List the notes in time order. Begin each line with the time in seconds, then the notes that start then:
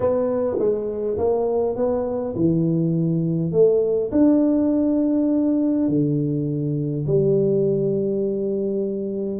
0.00 B3
0.58 G#3
1.18 A#3
1.76 B3
2.35 E3
3.51 A3
4.11 D4
5.88 D3
7.06 G3